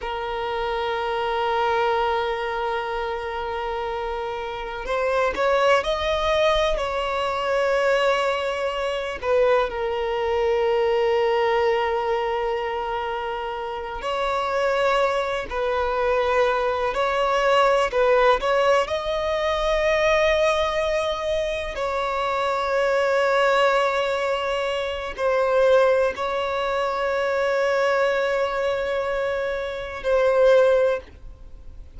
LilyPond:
\new Staff \with { instrumentName = "violin" } { \time 4/4 \tempo 4 = 62 ais'1~ | ais'4 c''8 cis''8 dis''4 cis''4~ | cis''4. b'8 ais'2~ | ais'2~ ais'8 cis''4. |
b'4. cis''4 b'8 cis''8 dis''8~ | dis''2~ dis''8 cis''4.~ | cis''2 c''4 cis''4~ | cis''2. c''4 | }